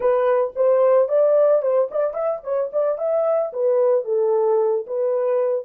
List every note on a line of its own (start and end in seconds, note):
0.00 0.53 B4
0.55 1.08 C5
1.08 1.61 D5
1.61 1.88 C5
1.91 2.13 D5
2.13 2.40 E5
2.43 2.70 C#5
2.72 2.98 D5
2.98 3.52 E5
3.52 4.04 B4
4.04 4.85 A4
4.86 5.65 B4